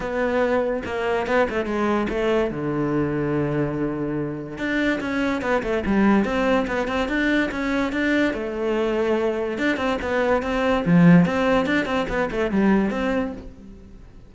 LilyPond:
\new Staff \with { instrumentName = "cello" } { \time 4/4 \tempo 4 = 144 b2 ais4 b8 a8 | gis4 a4 d2~ | d2. d'4 | cis'4 b8 a8 g4 c'4 |
b8 c'8 d'4 cis'4 d'4 | a2. d'8 c'8 | b4 c'4 f4 c'4 | d'8 c'8 b8 a8 g4 c'4 | }